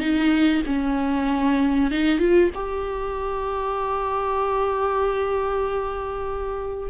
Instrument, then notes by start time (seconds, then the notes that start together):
viola
0.00 D#4
0.66 C#4
1.91 D#4
2.19 F4
2.55 G4